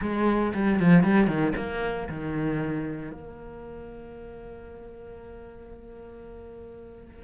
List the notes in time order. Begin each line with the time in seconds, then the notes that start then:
0.01 G#3
0.54 G3
0.79 F3
1.03 G3
1.27 D#3
1.56 A#3
2.09 D#3
3.11 A#3